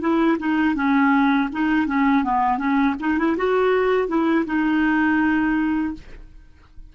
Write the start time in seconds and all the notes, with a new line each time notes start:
0.00 E4
0.39 D#4
0.75 C#4
1.52 D#4
1.87 C#4
2.24 B3
2.58 C#4
3.00 D#4
3.18 E4
3.37 F#4
4.08 E4
4.46 D#4